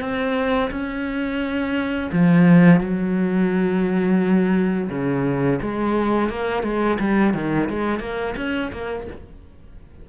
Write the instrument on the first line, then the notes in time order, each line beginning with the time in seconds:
cello
0.00 C4
0.70 C#4
2.12 F3
2.80 F#3
4.90 C#3
5.61 G#3
6.29 A#3
6.63 G#3
6.99 G3
7.34 D#3
7.69 G#3
7.99 A#3
8.36 C#4
8.72 A#3